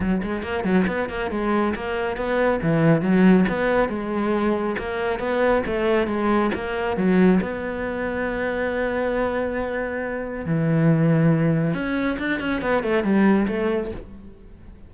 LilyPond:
\new Staff \with { instrumentName = "cello" } { \time 4/4 \tempo 4 = 138 fis8 gis8 ais8 fis8 b8 ais8 gis4 | ais4 b4 e4 fis4 | b4 gis2 ais4 | b4 a4 gis4 ais4 |
fis4 b2.~ | b1 | e2. cis'4 | d'8 cis'8 b8 a8 g4 a4 | }